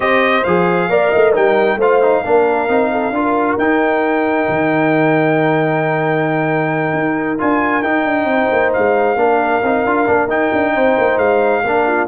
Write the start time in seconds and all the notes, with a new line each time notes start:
0.00 C4 G4 C5 D#5
0.44 F3 G#4 F5
0.89 A#3 A#4 D5
1.10 A3 D#5
1.32 G3 D#4 A#4 G5
1.75 A3 F4 C5 F5
2.02 D#4
2.24 A#3 D4 A#4
2.68 C4 D#4
2.91 A4
3.10 D4 F4 A#4
3.57 D#4 G5
4.48 D#3
6.93 D#4
7.38 D4 F4 G#5
7.82 D#4 G5
8.04 D4
8.24 C4 C5
8.51 A#3
8.73 G#3 F5
9.15 A#3 D4 A#4
9.62 C4 D#4
9.85 D4 F4
10.06 A#3 D4
10.27 D#4 G5
10.52 D4
10.73 C4 C5
10.97 A#3
11.17 G#3 F5
11.63 A#3 D4 A#4
11.87 F4